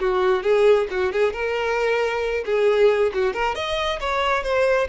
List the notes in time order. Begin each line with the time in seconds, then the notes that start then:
0.00 F#4
0.43 G#4
0.91 F#4
1.13 G#4
1.33 A#4
2.46 G#4
3.14 F#4
3.34 A#4
3.55 D#5
4.01 C#5
4.44 C5